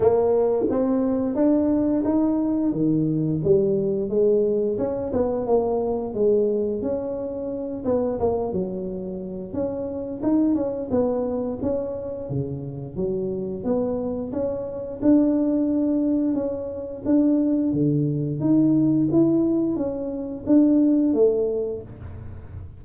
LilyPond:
\new Staff \with { instrumentName = "tuba" } { \time 4/4 \tempo 4 = 88 ais4 c'4 d'4 dis'4 | dis4 g4 gis4 cis'8 b8 | ais4 gis4 cis'4. b8 | ais8 fis4. cis'4 dis'8 cis'8 |
b4 cis'4 cis4 fis4 | b4 cis'4 d'2 | cis'4 d'4 d4 dis'4 | e'4 cis'4 d'4 a4 | }